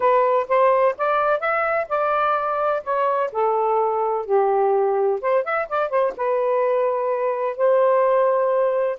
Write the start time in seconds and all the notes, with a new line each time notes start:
0.00 B4
0.48 C5
0.97 D5
1.39 E5
1.88 D5
2.83 C#5
3.32 A4
4.25 G4
5.21 C5
5.44 E5
5.68 D5
5.89 C5
6.17 B4
7.57 C5